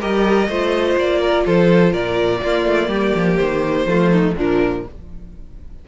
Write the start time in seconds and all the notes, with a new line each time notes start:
0.00 G3 G4 A#4 D#5
0.48 A3 F4 C5
0.97 A#3 D5
1.20 A#4
1.46 F3 A4 C5
1.93 A#2 A#4 D5
2.43 A#3 F4
2.66 A3
2.88 G3 G4
3.15 F3
3.37 D#3 C5
3.86 F3 A3 F4
4.11 D#4
4.37 A#2 F3 D4 A#4